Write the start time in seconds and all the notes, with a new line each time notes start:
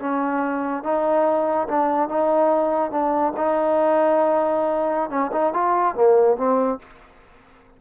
0.00 C#4
0.83 D#4
1.68 D4
2.08 D#4
2.91 D4
3.37 D#4
5.10 C#4
5.32 D#4
5.53 F4
5.95 A#3
6.37 C4